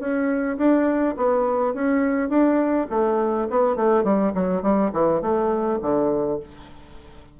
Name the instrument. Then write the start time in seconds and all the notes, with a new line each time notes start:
bassoon
0.00 C#4
0.58 D4
1.17 B3
1.74 C#4
2.30 D4
2.91 A3
3.51 B3
3.76 A3
4.04 G3
4.35 F#3
4.63 G3
4.93 E3
5.22 A3
5.82 D3